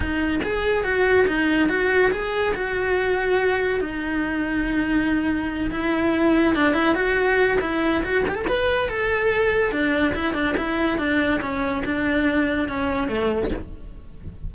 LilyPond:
\new Staff \with { instrumentName = "cello" } { \time 4/4 \tempo 4 = 142 dis'4 gis'4 fis'4 dis'4 | fis'4 gis'4 fis'2~ | fis'4 dis'2.~ | dis'4. e'2 d'8 |
e'8 fis'4. e'4 fis'8 g'16 a'16 | b'4 a'2 d'4 | e'8 d'8 e'4 d'4 cis'4 | d'2 cis'4 a4 | }